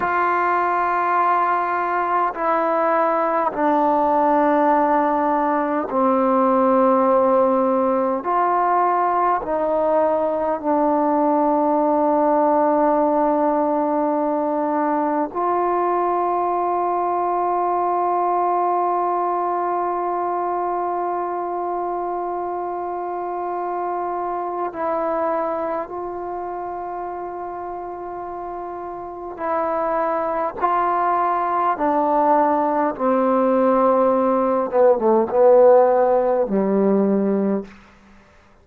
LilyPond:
\new Staff \with { instrumentName = "trombone" } { \time 4/4 \tempo 4 = 51 f'2 e'4 d'4~ | d'4 c'2 f'4 | dis'4 d'2.~ | d'4 f'2.~ |
f'1~ | f'4 e'4 f'2~ | f'4 e'4 f'4 d'4 | c'4. b16 a16 b4 g4 | }